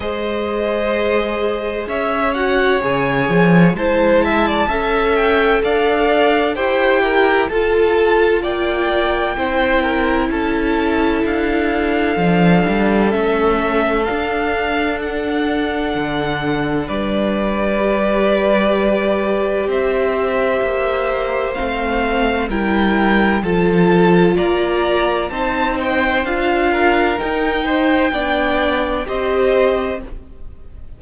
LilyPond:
<<
  \new Staff \with { instrumentName = "violin" } { \time 4/4 \tempo 4 = 64 dis''2 e''8 fis''8 gis''4 | a''4. g''8 f''4 g''4 | a''4 g''2 a''4 | f''2 e''4 f''4 |
fis''2 d''2~ | d''4 e''2 f''4 | g''4 a''4 ais''4 a''8 g''8 | f''4 g''2 dis''4 | }
  \new Staff \with { instrumentName = "violin" } { \time 4/4 c''2 cis''2 | c''8 e''16 d''16 e''4 d''4 c''8 ais'8 | a'4 d''4 c''8 ais'8 a'4~ | a'1~ |
a'2 b'2~ | b'4 c''2. | ais'4 a'4 d''4 c''4~ | c''8 ais'4 c''8 d''4 c''4 | }
  \new Staff \with { instrumentName = "viola" } { \time 4/4 gis'2~ gis'8 fis'8 gis'4 | e'4 a'2 g'4 | f'2 e'2~ | e'4 d'4 cis'4 d'4~ |
d'2. g'4~ | g'2. c'4 | e'4 f'2 dis'4 | f'4 dis'4 d'4 g'4 | }
  \new Staff \with { instrumentName = "cello" } { \time 4/4 gis2 cis'4 cis8 f8 | gis4 cis'4 d'4 e'4 | f'4 ais4 c'4 cis'4 | d'4 f8 g8 a4 d'4~ |
d'4 d4 g2~ | g4 c'4 ais4 a4 | g4 f4 ais4 c'4 | d'4 dis'4 b4 c'4 | }
>>